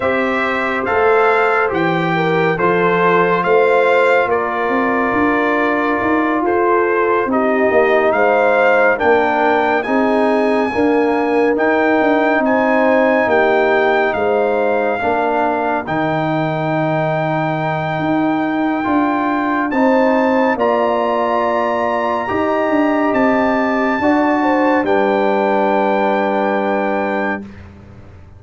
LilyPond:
<<
  \new Staff \with { instrumentName = "trumpet" } { \time 4/4 \tempo 4 = 70 e''4 f''4 g''4 c''4 | f''4 d''2~ d''8 c''8~ | c''8 dis''4 f''4 g''4 gis''8~ | gis''4. g''4 gis''4 g''8~ |
g''8 f''2 g''4.~ | g''2. a''4 | ais''2. a''4~ | a''4 g''2. | }
  \new Staff \with { instrumentName = "horn" } { \time 4/4 c''2~ c''8 ais'8 a'4 | c''4 ais'2~ ais'8 a'8~ | a'8 g'4 c''4 ais'4 gis'8~ | gis'8 ais'2 c''4 g'8~ |
g'8 c''4 ais'2~ ais'8~ | ais'2. c''4 | d''2 dis''2 | d''8 c''8 b'2. | }
  \new Staff \with { instrumentName = "trombone" } { \time 4/4 g'4 a'4 g'4 f'4~ | f'1~ | f'8 dis'2 d'4 dis'8~ | dis'8 ais4 dis'2~ dis'8~ |
dis'4. d'4 dis'4.~ | dis'2 f'4 dis'4 | f'2 g'2 | fis'4 d'2. | }
  \new Staff \with { instrumentName = "tuba" } { \time 4/4 c'4 a4 e4 f4 | a4 ais8 c'8 d'4 dis'8 f'8~ | f'8 c'8 ais8 gis4 ais4 c'8~ | c'8 d'4 dis'8 d'8 c'4 ais8~ |
ais8 gis4 ais4 dis4.~ | dis4 dis'4 d'4 c'4 | ais2 dis'8 d'8 c'4 | d'4 g2. | }
>>